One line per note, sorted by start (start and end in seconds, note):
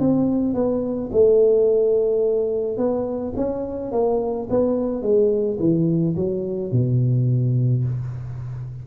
0.00 0.55 C4
0.55 1.11 B3
1.13 2.78 A3
2.78 3.34 B3
3.36 3.93 C#4
3.93 4.49 A#3
4.50 5.03 B3
5.03 5.59 G#3
5.60 6.16 E3
6.16 6.72 F#3
6.72 7.85 B2